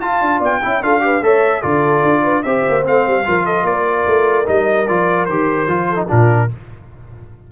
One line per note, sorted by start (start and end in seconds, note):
0.00 0.21 F4
0.00 0.61 F4
0.00 0.38 F5
0.00 0.41 A5
0.21 0.40 D4
0.38 0.60 B3
0.38 0.59 D5
0.38 0.82 G5
0.61 0.82 C#4
0.61 0.82 E4
0.61 0.82 E5
0.82 1.21 D4
0.82 1.00 F4
0.82 1.04 A4
0.82 1.23 F5
1.00 1.20 G4
1.00 1.23 B4
1.21 1.62 A3
1.21 1.62 A4
1.21 1.62 C#5
1.21 1.62 E5
1.62 2.03 D3
1.62 2.43 F4
1.62 2.23 A4
1.62 2.43 D5
2.03 2.43 D4
2.23 2.43 B4
2.43 2.65 C4
2.43 2.83 G4
2.43 3.27 C5
2.43 2.83 E5
2.69 2.87 A#3
2.83 3.06 A3
2.83 3.24 C4
2.83 3.46 F5
3.06 3.27 G3
3.25 3.63 F3
3.25 4.45 F4
3.25 3.45 A#4
3.45 3.65 A4
3.45 3.66 D#5
3.63 4.03 A#3
3.63 5.89 A#4
3.63 4.47 D5
4.07 4.47 A3
4.45 4.88 G3
4.45 4.85 D#4
4.45 4.87 D#5
4.87 5.28 F3
4.87 5.29 F4
4.87 5.25 D5
5.25 5.66 D#3
5.25 5.68 G4
5.25 6.06 C5
5.66 6.07 F3
5.66 5.95 F4
5.89 6.08 A4
5.95 6.05 D#4
6.08 6.51 A#2
6.08 6.48 D4
6.08 6.49 F4
6.08 6.51 A#4